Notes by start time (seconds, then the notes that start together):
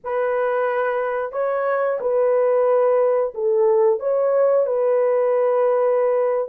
0.04 B4
1.32 C#5
2.00 B4
3.34 A4
3.99 C#5
4.66 B4